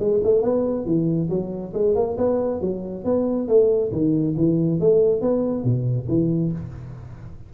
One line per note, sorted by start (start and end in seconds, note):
0.00 0.22 G#3
0.24 0.42 A3
0.42 0.86 B3
0.86 1.29 E3
1.30 1.74 F#3
1.74 1.95 G#3
1.95 2.17 A#3
2.18 2.61 B3
2.61 3.05 F#3
3.05 3.48 B3
3.49 3.92 A3
3.92 4.36 D#3
4.38 4.80 E3
4.80 5.22 A3
5.22 5.64 B3
5.64 6.08 B2
6.09 6.52 E3